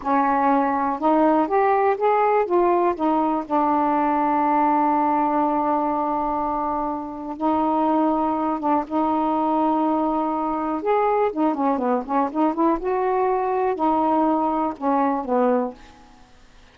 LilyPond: \new Staff \with { instrumentName = "saxophone" } { \time 4/4 \tempo 4 = 122 cis'2 dis'4 g'4 | gis'4 f'4 dis'4 d'4~ | d'1~ | d'2. dis'4~ |
dis'4. d'8 dis'2~ | dis'2 gis'4 dis'8 cis'8 | b8 cis'8 dis'8 e'8 fis'2 | dis'2 cis'4 b4 | }